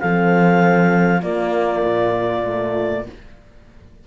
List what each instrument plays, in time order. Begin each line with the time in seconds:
0.00 cello F3, horn C4 A4, clarinet F5
1.22 cello A#3, horn A#3 F4, clarinet D5
1.84 cello A#2
2.45 horn A3